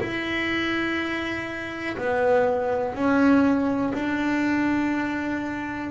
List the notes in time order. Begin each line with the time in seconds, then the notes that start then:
0.00 E4
1.97 B3
2.95 C#4
3.94 D4